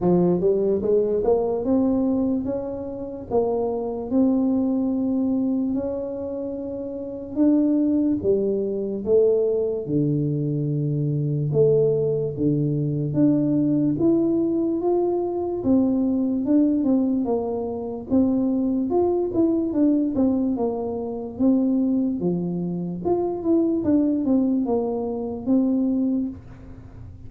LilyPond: \new Staff \with { instrumentName = "tuba" } { \time 4/4 \tempo 4 = 73 f8 g8 gis8 ais8 c'4 cis'4 | ais4 c'2 cis'4~ | cis'4 d'4 g4 a4 | d2 a4 d4 |
d'4 e'4 f'4 c'4 | d'8 c'8 ais4 c'4 f'8 e'8 | d'8 c'8 ais4 c'4 f4 | f'8 e'8 d'8 c'8 ais4 c'4 | }